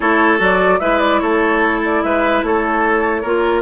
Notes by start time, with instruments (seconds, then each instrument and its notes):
0.00 bassoon A3, clarinet E4, oboe A4, flute C#5
0.38 bassoon F#3, clarinet F#4, flute D5
0.79 bassoon G#3, clarinet E4, oboe B4, flute E5
0.99 flute D5
1.19 bassoon A3, oboe A4, flute C#5
1.85 flute D5
2.03 bassoon G#3, oboe B4, flute E5
2.42 bassoon A3, oboe A4, flute C#5
3.21 bassoon A#3, clarinet F4, oboe A#4